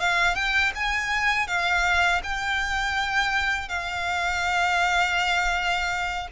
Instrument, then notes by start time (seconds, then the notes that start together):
violin
0.00 F5
0.35 G5
0.75 G#5
1.47 F5
2.24 G5
3.68 F5